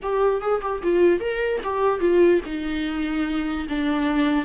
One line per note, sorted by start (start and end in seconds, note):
0.02 0.41 G4
0.41 0.61 G#4
0.61 0.81 G4
0.82 1.20 F4
1.20 1.60 A#4
1.63 2.00 G4
2.00 2.40 F4
2.45 3.67 D#4
3.68 4.45 D4